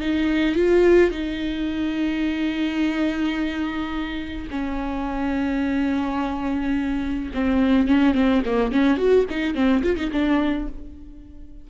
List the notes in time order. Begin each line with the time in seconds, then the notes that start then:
0.00 D#4
0.55 F4
1.11 D#4
4.50 C#4
7.34 C4
7.87 C#4
8.14 C4
8.45 A#3
8.72 C#4
8.97 F#4
9.30 D#4
9.54 C4
9.83 F4
9.96 D#4
10.11 D4